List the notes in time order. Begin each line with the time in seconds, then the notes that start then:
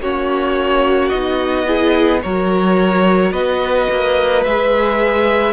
0.00 A#3 C#4 F#4 C#5
1.08 B3 D#4 D#5
1.66 E4 G#4
2.22 F#3 F#4 A#4 C#5
3.31 B3 B4 D#5
3.91 A#3
4.44 G#3 G#4 E5